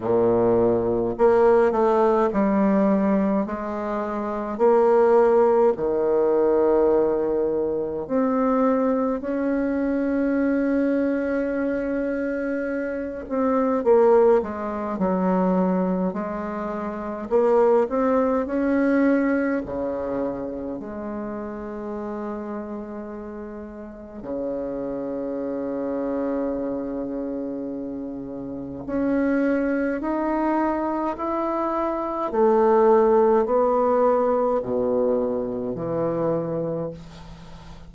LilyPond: \new Staff \with { instrumentName = "bassoon" } { \time 4/4 \tempo 4 = 52 ais,4 ais8 a8 g4 gis4 | ais4 dis2 c'4 | cis'2.~ cis'8 c'8 | ais8 gis8 fis4 gis4 ais8 c'8 |
cis'4 cis4 gis2~ | gis4 cis2.~ | cis4 cis'4 dis'4 e'4 | a4 b4 b,4 e4 | }